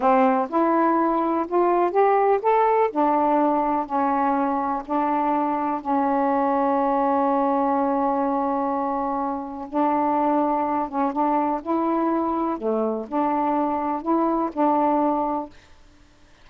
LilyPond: \new Staff \with { instrumentName = "saxophone" } { \time 4/4 \tempo 4 = 124 c'4 e'2 f'4 | g'4 a'4 d'2 | cis'2 d'2 | cis'1~ |
cis'1 | d'2~ d'8 cis'8 d'4 | e'2 a4 d'4~ | d'4 e'4 d'2 | }